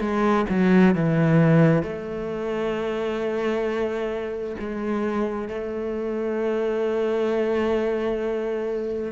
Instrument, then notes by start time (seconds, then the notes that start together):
cello
0.00 G#3
0.49 F#3
0.95 E3
1.83 A3
4.60 G#3
5.48 A3